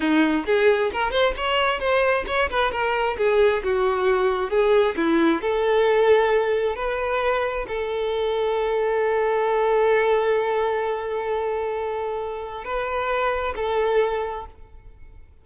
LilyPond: \new Staff \with { instrumentName = "violin" } { \time 4/4 \tempo 4 = 133 dis'4 gis'4 ais'8 c''8 cis''4 | c''4 cis''8 b'8 ais'4 gis'4 | fis'2 gis'4 e'4 | a'2. b'4~ |
b'4 a'2.~ | a'1~ | a'1 | b'2 a'2 | }